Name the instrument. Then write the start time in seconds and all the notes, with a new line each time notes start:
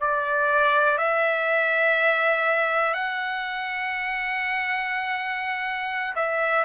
trumpet
0.00 D5
0.97 E5
2.94 F#5
6.15 E5